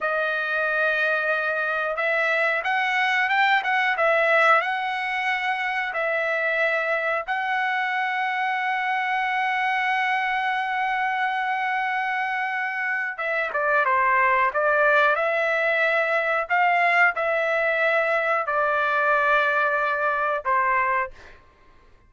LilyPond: \new Staff \with { instrumentName = "trumpet" } { \time 4/4 \tempo 4 = 91 dis''2. e''4 | fis''4 g''8 fis''8 e''4 fis''4~ | fis''4 e''2 fis''4~ | fis''1~ |
fis''1 | e''8 d''8 c''4 d''4 e''4~ | e''4 f''4 e''2 | d''2. c''4 | }